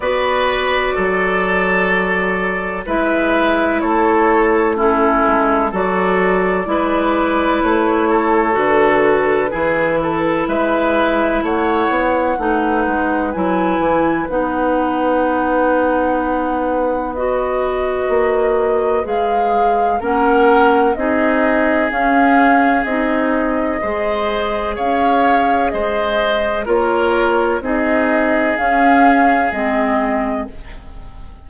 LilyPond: <<
  \new Staff \with { instrumentName = "flute" } { \time 4/4 \tempo 4 = 63 d''2. e''4 | cis''4 a'4 d''2 | cis''4 b'2 e''4 | fis''2 gis''4 fis''4~ |
fis''2 dis''2 | f''4 fis''4 dis''4 f''4 | dis''2 f''4 dis''4 | cis''4 dis''4 f''4 dis''4 | }
  \new Staff \with { instrumentName = "oboe" } { \time 4/4 b'4 a'2 b'4 | a'4 e'4 a'4 b'4~ | b'8 a'4. gis'8 a'8 b'4 | cis''4 b'2.~ |
b'1~ | b'4 ais'4 gis'2~ | gis'4 c''4 cis''4 c''4 | ais'4 gis'2. | }
  \new Staff \with { instrumentName = "clarinet" } { \time 4/4 fis'2. e'4~ | e'4 cis'4 fis'4 e'4~ | e'4 fis'4 e'2~ | e'4 dis'4 e'4 dis'4~ |
dis'2 fis'2 | gis'4 cis'4 dis'4 cis'4 | dis'4 gis'2. | f'4 dis'4 cis'4 c'4 | }
  \new Staff \with { instrumentName = "bassoon" } { \time 4/4 b4 fis2 gis4 | a4. gis8 fis4 gis4 | a4 d4 e4 gis4 | a8 b8 a8 gis8 fis8 e8 b4~ |
b2. ais4 | gis4 ais4 c'4 cis'4 | c'4 gis4 cis'4 gis4 | ais4 c'4 cis'4 gis4 | }
>>